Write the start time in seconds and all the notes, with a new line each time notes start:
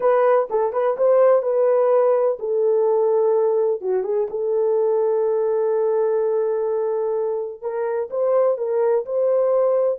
0.00 B4
0.50 A4
0.73 B4
0.97 C5
1.42 B4
2.39 A4
3.81 F#4
4.03 G#4
4.29 A4
7.61 A#4
8.10 C5
8.57 A#4
9.05 C5